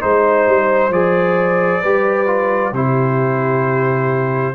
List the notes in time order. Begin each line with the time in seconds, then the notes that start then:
0.00 G#3 D#4 C5
0.46 G3
0.89 F3 G#4 D5
1.81 G3 G4 B4
2.26 F4
2.72 C3 E4 G4 C5